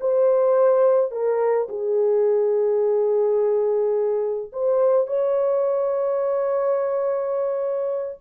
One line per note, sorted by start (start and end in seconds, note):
0.00 1.11 C5
1.11 1.67 A#4
1.69 4.52 G#4
4.52 5.07 C5
5.07 8.18 C#5